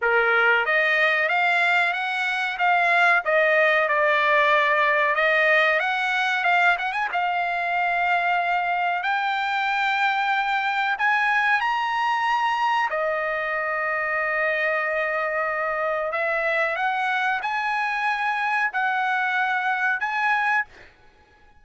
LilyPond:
\new Staff \with { instrumentName = "trumpet" } { \time 4/4 \tempo 4 = 93 ais'4 dis''4 f''4 fis''4 | f''4 dis''4 d''2 | dis''4 fis''4 f''8 fis''16 gis''16 f''4~ | f''2 g''2~ |
g''4 gis''4 ais''2 | dis''1~ | dis''4 e''4 fis''4 gis''4~ | gis''4 fis''2 gis''4 | }